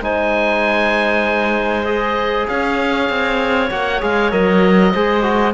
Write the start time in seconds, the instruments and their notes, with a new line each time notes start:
0.00 cello G#3, trombone D#4, clarinet C5, oboe G#5
1.84 trombone G#4, oboe D#5
2.48 cello C#4, clarinet C#5, oboe F5
3.09 cello C4
3.70 cello A#3, trombone F#4, oboe F#5
4.01 cello G#3, trombone G#4, oboe F5
4.31 cello F#3, trombone A#4, oboe D#5
4.92 cello G#3, trombone G#4, clarinet C5
5.22 trombone F#4